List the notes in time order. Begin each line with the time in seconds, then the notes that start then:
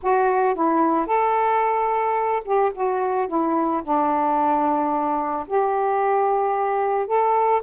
0.02 F#4
0.54 E4
1.06 A4
2.44 G4
2.74 F#4
3.27 E4
3.83 D4
5.47 G4
7.07 A4